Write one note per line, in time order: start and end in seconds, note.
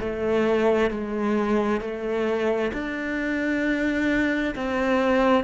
0.00 0.90 A3
0.90 1.81 G#3
1.81 2.71 A3
2.73 4.55 D4
4.55 5.44 C4